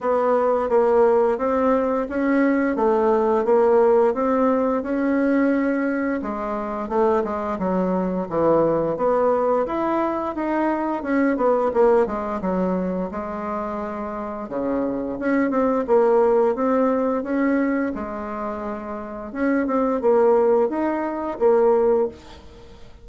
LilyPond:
\new Staff \with { instrumentName = "bassoon" } { \time 4/4 \tempo 4 = 87 b4 ais4 c'4 cis'4 | a4 ais4 c'4 cis'4~ | cis'4 gis4 a8 gis8 fis4 | e4 b4 e'4 dis'4 |
cis'8 b8 ais8 gis8 fis4 gis4~ | gis4 cis4 cis'8 c'8 ais4 | c'4 cis'4 gis2 | cis'8 c'8 ais4 dis'4 ais4 | }